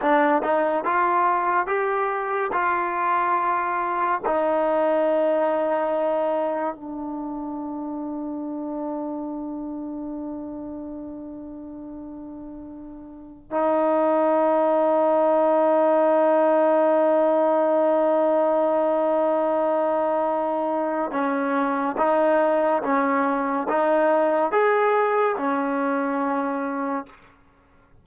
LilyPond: \new Staff \with { instrumentName = "trombone" } { \time 4/4 \tempo 4 = 71 d'8 dis'8 f'4 g'4 f'4~ | f'4 dis'2. | d'1~ | d'1 |
dis'1~ | dis'1~ | dis'4 cis'4 dis'4 cis'4 | dis'4 gis'4 cis'2 | }